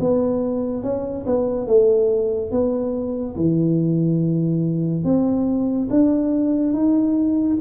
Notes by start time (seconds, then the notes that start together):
0.00 B3
0.83 C#4
1.26 B3
1.67 A3
2.51 B3
3.36 E3
5.04 C4
5.90 D4
6.73 D#4